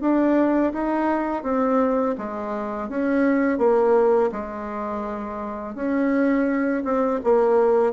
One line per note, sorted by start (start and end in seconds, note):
0.00 0.72 D4
0.73 1.43 D#4
1.43 2.15 C4
2.18 2.89 G#3
2.89 3.58 C#4
3.58 4.30 A#3
4.31 5.75 G#3
5.75 6.83 C#4
6.84 7.20 C4
7.23 7.92 A#3